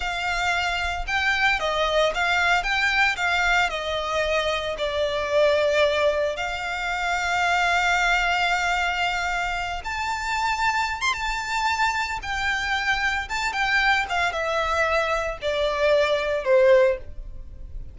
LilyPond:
\new Staff \with { instrumentName = "violin" } { \time 4/4 \tempo 4 = 113 f''2 g''4 dis''4 | f''4 g''4 f''4 dis''4~ | dis''4 d''2. | f''1~ |
f''2~ f''8 a''4.~ | a''8. c'''16 a''2 g''4~ | g''4 a''8 g''4 f''8 e''4~ | e''4 d''2 c''4 | }